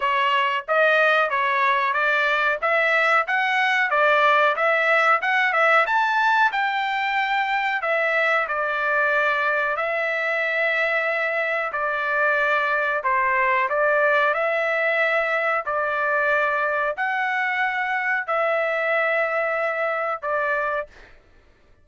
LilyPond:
\new Staff \with { instrumentName = "trumpet" } { \time 4/4 \tempo 4 = 92 cis''4 dis''4 cis''4 d''4 | e''4 fis''4 d''4 e''4 | fis''8 e''8 a''4 g''2 | e''4 d''2 e''4~ |
e''2 d''2 | c''4 d''4 e''2 | d''2 fis''2 | e''2. d''4 | }